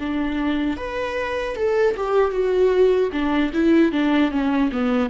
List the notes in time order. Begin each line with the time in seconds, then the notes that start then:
0.00 D4
0.77 B4
1.56 A4
1.97 G4
2.31 F#4
3.13 D4
3.53 E4
3.93 D4
4.31 C#4
4.72 B3